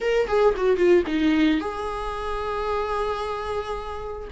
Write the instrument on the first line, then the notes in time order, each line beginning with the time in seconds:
viola
0.00 A#4
0.27 G#4
0.56 F#4
0.76 F4
1.06 D#4
1.60 G#4